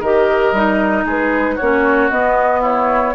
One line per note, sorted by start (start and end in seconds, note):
0.00 0.52 D#3
0.00 0.55 G4
0.00 1.04 A#4
0.00 1.07 D#5
0.52 1.04 G3
0.52 1.60 D#4
1.05 1.57 G#3
1.05 1.56 G#4
1.05 1.57 B4
1.56 2.11 A#3
1.56 2.60 F#4
1.56 2.09 C#5
1.62 2.11 C#4
2.10 3.15 B3
2.10 2.62 D#5
2.62 3.14 E4
2.62 3.15 C#5